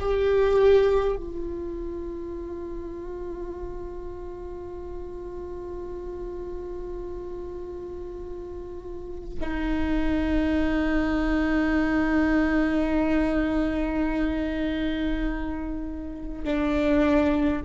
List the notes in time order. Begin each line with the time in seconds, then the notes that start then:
0.00 G4
1.17 F4
9.41 D#4
16.45 D4